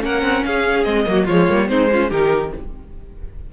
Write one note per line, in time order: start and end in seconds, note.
0.00 0.23 A#3
0.00 0.83 C#4
0.00 0.46 A#4
0.00 0.45 F#5
0.23 0.44 C4
0.45 0.86 C#4
0.45 1.09 G#4
0.45 0.84 F5
0.84 1.07 G#3
0.84 1.06 C4
0.84 1.26 D#5
1.06 1.28 F#3
1.06 1.27 A#3
1.06 1.25 F#4
1.25 1.49 F3
1.25 1.50 G#3
1.25 1.67 F4
1.25 1.69 C#5
1.50 1.71 G3
1.50 1.69 A#3
1.69 2.11 G#3
1.69 1.90 C4
1.69 1.91 D#4
1.69 2.11 C5
1.92 2.11 C#4
1.92 2.10 F4
2.10 2.53 D#3
2.10 2.53 D#4
2.10 2.51 G4
2.10 2.54 A#4